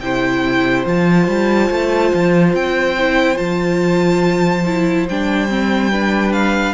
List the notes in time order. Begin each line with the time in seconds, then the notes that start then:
0.00 C3 E4 C5 G5
0.86 F3 F4 A5
1.27 G3
1.70 A3
2.13 F3
2.54 C4 G5
2.98 E4
3.35 F3 F4 A5
4.66 E4
5.08 G3 D4 G5
5.48 C4
5.91 D4 B4
6.32 F5